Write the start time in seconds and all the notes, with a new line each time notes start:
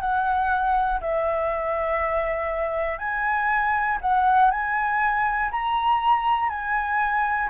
0.00 F#5
1.00 E5
2.98 G#5
4.01 F#5
4.50 G#5
5.51 A#5
6.49 G#5